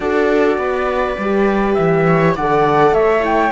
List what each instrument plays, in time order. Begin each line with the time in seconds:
0.00 cello D4, horn F#4, viola A4, flute D5
0.57 cello B3, viola B4
1.18 cello G3, horn G4
1.74 cello E3, flute E5
2.06 viola C#5
2.35 cello D3, horn A4, viola D5, flute F#5
2.92 cello A3, viola C#5, flute E5
3.20 horn E4, flute G5